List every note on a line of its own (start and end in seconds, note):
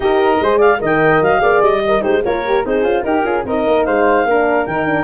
0.00 0.38 D#4
0.00 0.40 G4
0.00 0.42 A#4
0.00 0.60 D#5
0.41 0.81 G#3
0.41 0.79 G#4
0.41 0.57 C5
0.57 0.77 D5
0.57 0.80 F5
0.79 1.21 D#3
0.79 1.38 A#4
0.79 1.41 D#5
0.79 1.23 G5
1.21 1.41 F#3
1.21 1.62 F5
1.38 1.61 A#3
1.38 1.79 G#4
1.38 1.82 D5
1.61 2.01 G3
1.61 2.02 D#5
1.86 2.02 A#4
1.86 2.01 D#5
2.01 2.24 G#3
2.01 2.21 D#4
2.01 2.23 G4
2.01 2.22 C5
2.24 2.65 A#3
2.24 2.45 F4
2.24 2.65 A#4
2.24 2.64 C#5
2.46 2.65 G4
2.65 2.81 C4
2.65 2.83 D#4
2.65 3.02 G#4
2.65 3.03 C5
2.81 3.02 C#4
2.81 3.03 F4
3.02 3.23 D#4
3.02 3.25 G4
3.02 3.43 A#4
3.23 3.44 C#4
3.23 3.44 F4
3.23 3.45 G#4
3.45 3.65 C4
3.45 4.28 D#4
3.45 3.85 A#4
3.45 3.84 D#5
3.66 3.87 A#3
3.84 4.24 G#3
3.84 4.26 C5
3.84 4.66 F5
4.24 4.65 A#3
4.24 4.68 D4
4.24 5.03 A#4
4.66 5.03 D#3
4.66 4.86 D#4
4.66 5.03 G5
4.86 5.03 D4